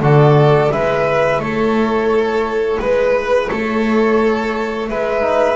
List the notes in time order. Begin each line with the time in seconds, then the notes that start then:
0.00 D3 F#4 A4 D5
0.69 G#3 E4 B4 E5
1.38 A3 A4 C#5
2.80 G#3 B4
3.48 A3 A4 C#5
4.89 G#3 B4 E5
5.21 D#4